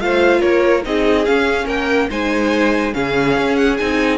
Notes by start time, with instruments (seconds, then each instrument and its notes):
0.00 cello A3, viola F4, violin C5 F5
0.40 cello A#3, violin A#4 C#5
0.83 cello C4, viola D#4, violin G#4 D#5
1.25 viola C#4, cello C#4, violin F5
1.65 cello A#3, violin A#4 G5
2.10 cello G#3, viola D#4, violin C5 G#5
2.93 cello C#3, viola C#4, violin G#4 F5
3.37 cello C#4
3.56 violin F#5
3.77 cello C4, viola D#4, violin G#5